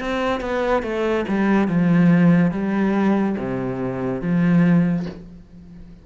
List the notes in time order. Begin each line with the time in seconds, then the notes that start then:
0.00 C4
0.41 B3
0.83 A3
1.28 G3
1.68 F3
2.52 G3
3.38 C3
4.21 F3